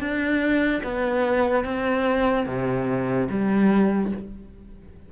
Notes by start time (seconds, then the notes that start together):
0.00 D4
0.84 B3
1.65 C4
2.46 C3
3.30 G3